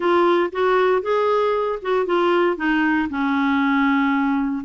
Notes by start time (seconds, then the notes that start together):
0.00 F4
0.52 F#4
1.01 G#4
1.82 F#4
2.06 F4
2.56 D#4
3.09 C#4